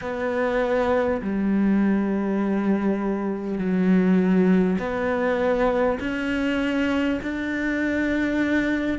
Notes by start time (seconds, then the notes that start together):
0.01 B3
1.21 G3
3.57 F#3
4.78 B3
6.00 C#4
7.22 D4